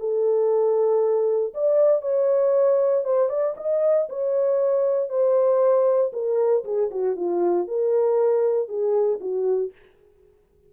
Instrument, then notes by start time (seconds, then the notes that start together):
horn
0.00 A4
1.54 D5
2.02 C#5
3.05 C5
3.30 D5
3.57 D#5
4.10 C#5
5.10 C5
6.13 A#4
6.65 G#4
6.91 F#4
7.17 F4
7.68 A#4
8.69 G#4
9.21 F#4